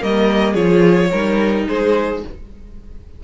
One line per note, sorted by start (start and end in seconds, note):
0.00 0.54 G3
0.00 0.55 A#3
0.00 0.52 A#4
0.00 0.54 D#5
0.52 1.09 F3
0.52 1.10 F4
0.52 1.07 G#4
0.52 1.64 C#5
1.10 1.68 G3
1.10 2.23 D#4
1.10 1.65 A#4
1.68 2.23 G#3
1.68 2.24 G#4
1.68 2.23 C5